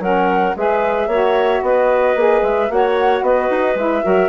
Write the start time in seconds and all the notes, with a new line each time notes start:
0.00 F#3 C#4 A#4 F#5
0.57 G#3 G#4 B4 E5
1.08 A#3 F#4 C#5
1.63 B3 B4 D#5
2.16 A#3 G#4
2.43 G#3 E5
2.69 A#3 F#4 C#5 F#5
3.22 B3 B4 D#5
3.51 D#4
3.76 G#3 E4 E5
4.04 F#3 F#4 A#4